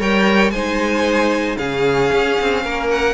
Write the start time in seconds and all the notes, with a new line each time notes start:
0.00 G3 A#4 C#5 G5
0.51 G#3 D#4 C5 G#5
1.58 C#3 C#4 G#4 F5
2.13 C#4
2.42 C4
2.64 A#3 A#4
2.91 F#5